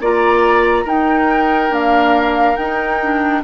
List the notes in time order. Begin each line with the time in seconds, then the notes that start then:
0.00 A#3 F4 D5 A#5
0.84 D#4 A#4 G5
1.69 A#3 D4 F5
2.56 D#4 G5
3.01 D4